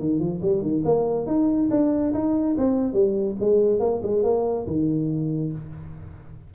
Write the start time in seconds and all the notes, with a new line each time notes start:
0.00 D#3
0.20 F3
0.43 G3
0.63 D#3
0.85 A#3
1.27 D#4
1.71 D4
2.14 D#4
2.58 C4
2.94 G3
3.41 G#3
3.80 A#3
4.03 G#3
4.24 A#3
4.67 D#3